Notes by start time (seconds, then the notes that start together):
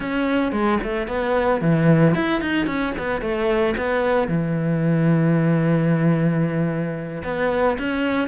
0.00 C#4
0.52 G#3
0.83 A3
1.07 B3
1.61 E3
2.14 E4
2.41 D#4
2.66 C#4
2.98 B3
3.21 A3
3.77 B3
4.28 E3
7.24 B3
7.78 C#4